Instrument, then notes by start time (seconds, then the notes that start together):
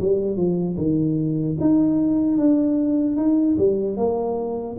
tuba
0.00 G3
0.36 F3
0.77 D#3
1.60 D#4
2.37 D4
3.16 D#4
3.58 G3
3.97 A#3